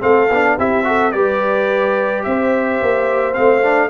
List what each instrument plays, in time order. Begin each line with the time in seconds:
0.00 tuba A3, trombone C4, horn A4, trumpet F5
0.30 tuba B3, trombone D4
0.57 tuba C4, trombone E4, horn G4, trumpet E5
0.84 trombone F#4, horn A4
1.12 tuba G3, trombone G4, horn B4, trumpet D5
2.23 tuba C4, horn C5, trumpet E5
2.82 tuba A#3
3.33 tuba A3, trombone C4, trumpet F5
3.61 trombone D4